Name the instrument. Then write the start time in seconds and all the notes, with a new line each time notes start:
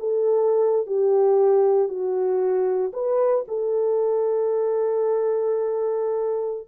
horn
0.00 A4
0.87 G4
1.89 F#4
2.93 B4
3.48 A4